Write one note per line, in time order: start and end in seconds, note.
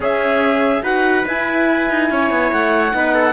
0.00 0.81 C#4
0.00 0.82 C#4
0.00 0.83 G#4
0.00 0.84 E5
0.82 1.24 D#4
0.82 1.24 F#4
0.82 2.09 B4
0.82 1.26 F#5
1.26 2.92 E4
1.26 1.89 E4
1.26 2.52 G#5
1.89 2.10 D#4
2.10 2.30 C#4
2.10 2.95 C#5
2.30 2.51 B3
2.52 2.93 A3
2.52 3.33 F#5
2.92 3.33 B3
2.92 3.33 D#4
2.92 3.14 B4
3.14 3.33 A4